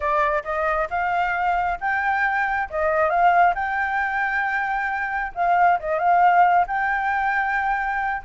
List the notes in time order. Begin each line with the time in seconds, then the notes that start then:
0.00 D5
0.44 D#5
0.90 F5
1.80 G5
2.70 D#5
3.09 F5
3.54 G5
5.35 F5
5.79 D#5
5.99 F5
6.67 G5